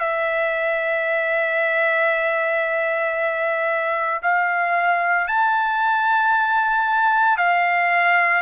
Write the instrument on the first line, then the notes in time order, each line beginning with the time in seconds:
trumpet
0.00 E5
4.22 F5
5.27 A5
7.38 F5